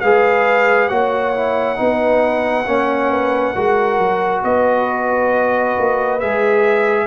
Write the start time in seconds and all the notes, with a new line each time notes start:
0.00 G#3 G#4 B4 F5
0.88 A#3 F#4 C#5 F#5
1.33 E4
1.75 B3 D#4 B4
2.65 A#3 C#4 C#5
3.10 B4
3.53 G#3 F#4 A#4
3.98 F#3
4.43 B3 B4 D#5
5.78 A#3
6.19 G#3 G#4 E5